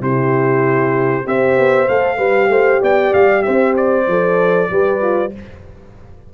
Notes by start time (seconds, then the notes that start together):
0.00 C3 E4 G4 C5
1.24 C4 G4 C5 E5
1.57 B3
1.88 A3 A4 F5
2.17 G3 G4 B4
2.48 A3 C5
2.82 B3 D5 G5
3.13 G3 F5
3.42 C4 C5 E5
3.76 D5
4.07 F3 A4
4.70 G3 G4 B4
5.01 F4